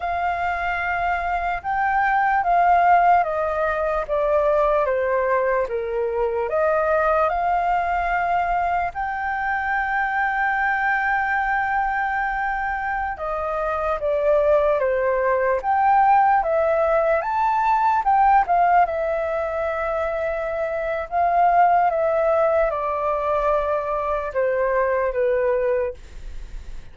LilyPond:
\new Staff \with { instrumentName = "flute" } { \time 4/4 \tempo 4 = 74 f''2 g''4 f''4 | dis''4 d''4 c''4 ais'4 | dis''4 f''2 g''4~ | g''1~ |
g''16 dis''4 d''4 c''4 g''8.~ | g''16 e''4 a''4 g''8 f''8 e''8.~ | e''2 f''4 e''4 | d''2 c''4 b'4 | }